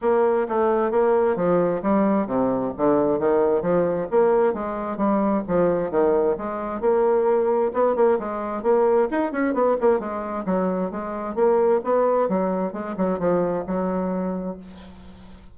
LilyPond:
\new Staff \with { instrumentName = "bassoon" } { \time 4/4 \tempo 4 = 132 ais4 a4 ais4 f4 | g4 c4 d4 dis4 | f4 ais4 gis4 g4 | f4 dis4 gis4 ais4~ |
ais4 b8 ais8 gis4 ais4 | dis'8 cis'8 b8 ais8 gis4 fis4 | gis4 ais4 b4 fis4 | gis8 fis8 f4 fis2 | }